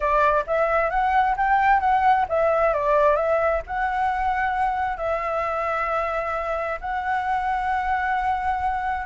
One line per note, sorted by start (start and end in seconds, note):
0.00 0.44 D5
0.46 0.90 E5
0.90 1.35 F#5
1.37 1.80 G5
1.80 2.25 F#5
2.28 2.73 E5
2.73 3.16 D5
3.16 3.61 E5
3.67 4.97 F#5
4.97 6.79 E5
6.81 9.06 F#5